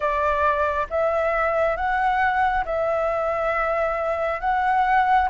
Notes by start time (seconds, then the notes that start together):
0.00 D5
0.90 E5
1.76 F#5
2.65 E5
4.40 F#5